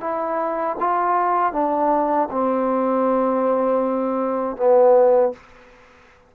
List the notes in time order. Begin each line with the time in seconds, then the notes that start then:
0.00 E4
0.79 F4
1.52 D4
2.31 C4
4.56 B3